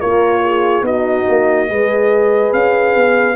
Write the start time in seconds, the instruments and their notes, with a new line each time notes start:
0.00 tuba A#3, horn F4 A#4, trumpet C#5
0.44 horn G#4
0.82 tuba B3, horn D#4 F#4, trumpet D#5
1.28 tuba A#3
1.69 tuba G#3, horn G#4 B4
2.53 tuba C#4, trumpet F5
2.96 tuba B3